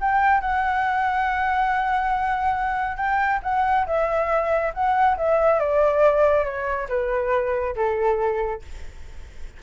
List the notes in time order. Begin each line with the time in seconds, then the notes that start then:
0.00 G5
0.41 F#5
2.96 G5
3.43 F#5
3.86 E5
4.73 F#5
5.17 E5
5.59 D5
6.44 C#5
6.89 B4
7.75 A4